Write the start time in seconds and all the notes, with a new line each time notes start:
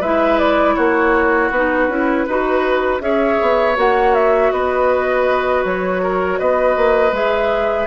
0.00 G#3 E4 B4 E5
0.38 D5
0.75 A#3 F#4 C#5
1.50 B3 D#4 B4
1.88 C#4 E4
2.27 D#4 F#4 B4
3.00 C#4 G#4 C#5 E5
3.41 B3
3.75 A#3 F#4 F#5
4.14 E5
4.52 B3 B4 D#5
5.65 F#3 C#5
6.02 A#4
6.39 B3 B4 D#5
6.76 A#3
7.12 G#3 G#4 E5